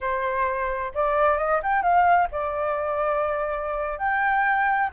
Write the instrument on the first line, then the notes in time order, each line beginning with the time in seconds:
flute
0.00 C5
0.94 D5
1.37 D#5
1.63 G5
1.82 F5
2.31 D5
3.98 G5